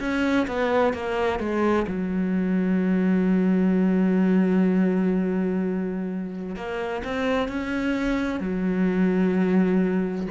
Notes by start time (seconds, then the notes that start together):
0.00 C#4
0.47 B3
0.93 A#3
1.40 G#3
1.87 F#3
6.56 A#3
7.04 C4
7.48 C#4
8.40 F#3